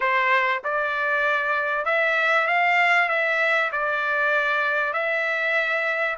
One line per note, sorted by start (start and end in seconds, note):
0.00 0.62 C5
0.64 1.85 D5
1.85 2.47 E5
2.47 3.08 F5
3.08 3.70 E5
3.71 4.93 D5
4.93 6.17 E5